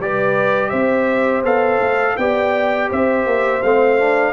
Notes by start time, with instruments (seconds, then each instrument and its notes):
0.00 tuba G3, trombone G4, horn B4, trumpet D5
0.70 tuba C4, horn C5, trumpet E5
1.44 tuba B3, trombone A4, trumpet F5
1.80 tuba A3
2.17 tuba B3, trombone G4, horn D5, trumpet G5
2.90 tuba C4, horn C5, trumpet E5
3.27 tuba A#3
3.63 tuba A3, trombone C4, trumpet F5
3.99 trombone D4